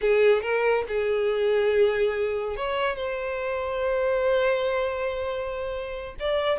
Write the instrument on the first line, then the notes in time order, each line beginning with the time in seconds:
violin
0.01 G#4
0.41 A#4
0.88 G#4
2.56 C#5
2.96 C5
6.19 D5